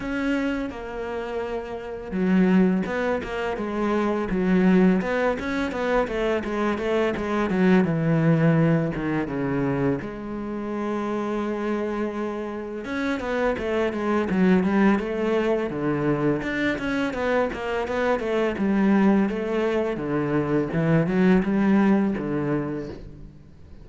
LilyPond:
\new Staff \with { instrumentName = "cello" } { \time 4/4 \tempo 4 = 84 cis'4 ais2 fis4 | b8 ais8 gis4 fis4 b8 cis'8 | b8 a8 gis8 a8 gis8 fis8 e4~ | e8 dis8 cis4 gis2~ |
gis2 cis'8 b8 a8 gis8 | fis8 g8 a4 d4 d'8 cis'8 | b8 ais8 b8 a8 g4 a4 | d4 e8 fis8 g4 d4 | }